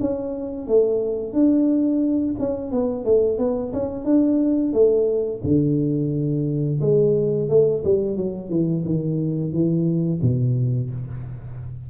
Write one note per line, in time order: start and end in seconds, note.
0.00 0.67 C#4
0.67 1.33 A3
1.33 2.35 D4
2.39 2.71 C#4
2.71 3.04 B3
3.04 3.38 A3
3.38 3.72 B3
3.73 4.04 C#4
4.04 4.73 D4
4.73 5.41 A3
5.43 6.80 D3
6.81 7.49 G#3
7.49 7.83 A3
7.84 8.16 G3
8.16 8.49 F#3
8.49 8.83 E3
8.85 9.52 D#3
9.52 10.21 E3
10.22 10.90 B2